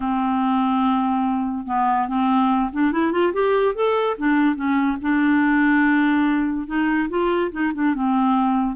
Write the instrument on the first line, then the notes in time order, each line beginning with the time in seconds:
clarinet
0.00 C4
1.66 B3
2.08 C4
2.72 D4
2.92 E4
3.12 F4
3.33 G4
3.75 A4
4.17 D4
4.55 C#4
5.01 D4
6.67 D#4
7.09 F4
7.51 D#4
7.74 D4
7.94 C4